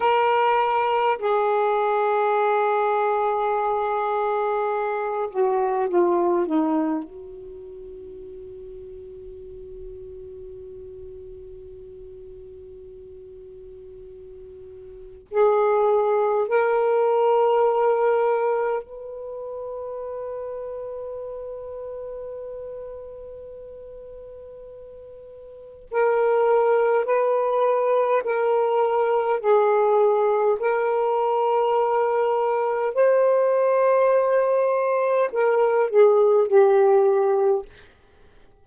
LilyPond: \new Staff \with { instrumentName = "saxophone" } { \time 4/4 \tempo 4 = 51 ais'4 gis'2.~ | gis'8 fis'8 f'8 dis'8 fis'2~ | fis'1~ | fis'4 gis'4 ais'2 |
b'1~ | b'2 ais'4 b'4 | ais'4 gis'4 ais'2 | c''2 ais'8 gis'8 g'4 | }